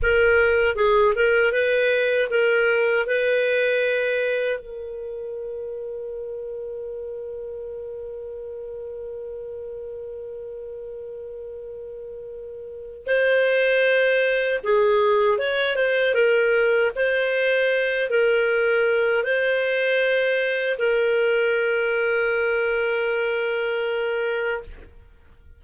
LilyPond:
\new Staff \with { instrumentName = "clarinet" } { \time 4/4 \tempo 4 = 78 ais'4 gis'8 ais'8 b'4 ais'4 | b'2 ais'2~ | ais'1~ | ais'1~ |
ais'4 c''2 gis'4 | cis''8 c''8 ais'4 c''4. ais'8~ | ais'4 c''2 ais'4~ | ais'1 | }